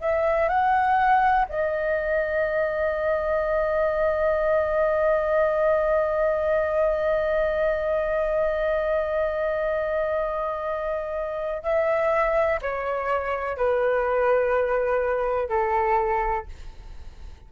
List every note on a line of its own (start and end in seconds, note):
0.00 0.48 E5
0.48 1.45 F#5
1.49 11.63 D#5
11.63 12.59 E5
12.62 13.57 C#5
13.57 15.49 B4
15.49 16.46 A4